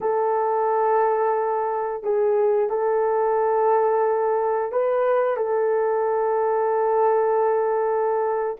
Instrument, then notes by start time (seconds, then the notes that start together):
horn
0.00 A4
2.03 G#4
2.69 A4
4.72 B4
5.36 A4